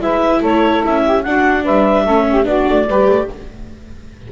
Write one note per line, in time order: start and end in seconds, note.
0.00 0.41 G#3
0.00 1.23 E4
0.00 0.40 B4
0.00 0.42 E5
0.40 0.83 A3
0.40 1.02 A4
0.40 0.84 C#5
0.85 1.26 C#4
0.85 1.23 E5
1.03 1.24 G4
1.23 1.66 D4
1.23 2.07 D4
1.23 1.64 F#4
1.23 1.64 F#5
1.64 2.06 G3
1.64 2.04 B4
1.64 2.46 E5
2.04 2.44 A3
2.04 2.44 C#4
2.04 2.24 A4
2.30 2.47 G4
2.44 2.65 B3
2.44 2.85 D4
2.44 2.87 F#4
2.44 3.28 D5
2.69 2.87 A3
2.87 3.07 G3
2.87 3.31 G4
2.87 3.28 B4
3.08 3.29 A3